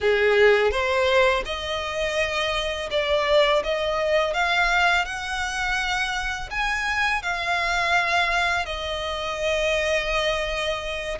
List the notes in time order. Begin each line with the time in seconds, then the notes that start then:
0.00 G#4
0.71 C5
1.45 D#5
2.90 D5
3.63 D#5
4.33 F5
5.05 F#5
6.50 G#5
7.22 F5
8.65 D#5